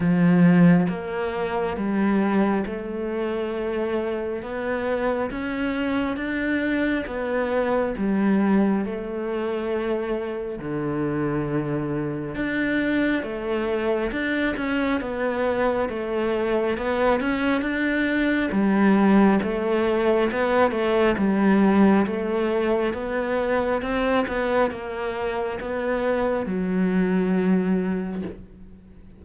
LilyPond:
\new Staff \with { instrumentName = "cello" } { \time 4/4 \tempo 4 = 68 f4 ais4 g4 a4~ | a4 b4 cis'4 d'4 | b4 g4 a2 | d2 d'4 a4 |
d'8 cis'8 b4 a4 b8 cis'8 | d'4 g4 a4 b8 a8 | g4 a4 b4 c'8 b8 | ais4 b4 fis2 | }